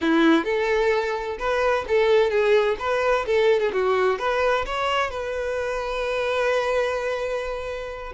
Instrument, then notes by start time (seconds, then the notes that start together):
violin
0.01 E4
0.44 A4
1.38 B4
1.88 A4
2.30 G#4
2.79 B4
3.26 A4
3.60 G#4
3.72 F#4
4.18 B4
4.65 C#5
5.10 B4